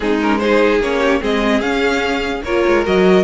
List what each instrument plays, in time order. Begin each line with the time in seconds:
0.00 cello G#3, viola C4, violin D#4 G#4
0.21 viola C#4, violin A#4
0.39 viola D#4, violin G#4 C5
0.80 cello A#3, viola C#4, violin C#5
1.00 violin G4
1.20 cello G#3, viola C4, violin G#4 D#5
1.60 cello C#4, viola C#4, violin F5
2.44 cello A#3, viola F4, violin A#4 C#5
2.67 cello G#3
2.85 cello F#3, viola F#4, violin D#5